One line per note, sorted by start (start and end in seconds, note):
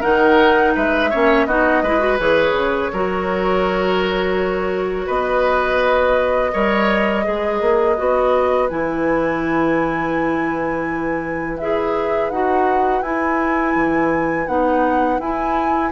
0.00 0.76 D#3
0.00 1.10 D#4
0.00 0.72 A#4
0.00 0.74 F#5
0.75 1.12 G#3
0.75 1.10 B4
0.75 1.46 E5
1.10 1.46 A#3
1.10 1.48 C#4
1.10 1.46 C#5
1.46 1.82 B3
1.46 1.84 D#4
1.46 1.83 F#4
1.46 2.18 D#5
1.82 2.18 G#3
1.82 1.99 E4
1.82 2.91 B4
1.99 2.17 F#4
2.19 2.52 E3
2.19 2.92 G#4
2.19 5.08 C#5
2.52 2.88 C#3
2.92 5.08 F#3
2.92 6.52 F#4
2.92 5.06 A#4
5.06 6.53 B3
5.06 6.51 B4
5.06 8.69 D#5
6.52 7.26 G3
6.52 7.24 A#4
6.52 7.25 C#5
7.24 7.61 G#3
7.24 7.96 G#4
7.24 15.92 B4
7.61 7.97 A#3
7.97 8.70 B3
7.97 8.69 F#4
8.69 11.59 E3
8.69 11.59 E4
8.69 11.58 G#5
11.58 12.30 E4
11.58 12.32 G#4
11.58 12.30 E5
12.30 13.02 D#4
12.30 13.03 F#4
12.30 13.02 F#5
13.02 13.74 E4
13.02 14.47 E4
13.02 14.47 G#5
13.75 14.47 E3
14.47 15.19 B3
14.47 15.19 D#4
14.47 15.19 F#5
15.19 15.91 E4
15.19 15.92 E4
15.19 15.92 G#5